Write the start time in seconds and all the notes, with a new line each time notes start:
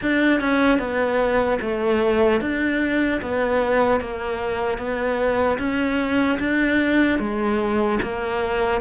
0.01 D4
0.40 C#4
0.78 B3
1.61 A3
2.40 D4
3.21 B3
4.00 A#3
4.78 B3
5.58 C#4
6.39 D4
7.19 G#3
8.02 A#3